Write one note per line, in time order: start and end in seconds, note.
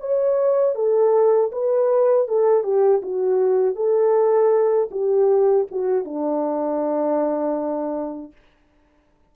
0.00 0.75 C#5
0.75 1.51 A4
1.52 2.28 B4
2.28 2.63 A4
2.63 3.01 G4
3.02 3.75 F#4
3.75 4.89 A4
4.91 5.67 G4
5.71 6.04 F#4
6.04 8.32 D4